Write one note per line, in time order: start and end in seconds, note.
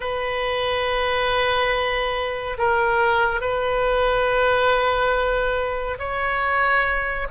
0.00 2.57 B4
2.58 3.41 A#4
3.41 5.98 B4
5.98 7.27 C#5